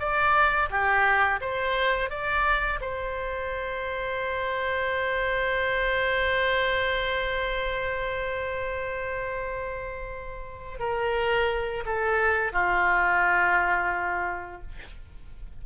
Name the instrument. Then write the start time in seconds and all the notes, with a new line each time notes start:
oboe
0.00 D5
0.71 G4
1.41 C5
2.11 D5
2.81 C5
10.80 A#4
11.86 A4
12.53 F4